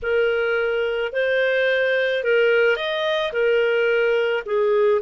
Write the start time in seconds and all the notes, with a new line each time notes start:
0.02 A#4
1.12 C5
2.23 A#4
2.76 D#5
3.32 A#4
4.45 G#4